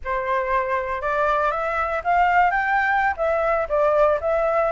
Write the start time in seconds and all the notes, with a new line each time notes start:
0.04 C5
1.01 D5
1.51 E5
2.04 F5
2.51 G5
3.16 E5
3.68 D5
4.20 E5